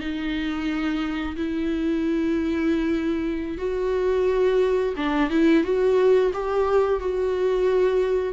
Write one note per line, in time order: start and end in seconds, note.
0.00 1.36 D#4
1.36 3.58 E4
3.58 4.94 F#4
4.97 5.31 D4
5.31 5.64 E4
5.64 6.32 F#4
6.34 7.00 G4
7.00 8.34 F#4